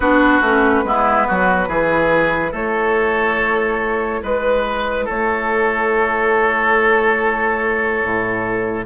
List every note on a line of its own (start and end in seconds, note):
0.00 0.40 B3
0.00 0.43 D4
0.00 0.84 F#4
0.00 2.53 B4
0.40 0.83 A3
0.40 0.85 C#4
0.84 1.26 G#3
0.84 1.70 B3
0.84 1.27 E4
1.27 1.68 F#3
1.27 1.68 F#4
1.68 2.52 E3
1.68 8.85 E4
1.68 2.51 G#4
2.51 4.21 A3
2.51 4.20 A4
2.51 4.23 C#5
4.22 5.07 G#3
4.22 5.05 B4
4.22 5.08 B4
5.05 8.03 A3
5.05 8.85 A4
5.05 8.85 C#5
8.03 8.85 A2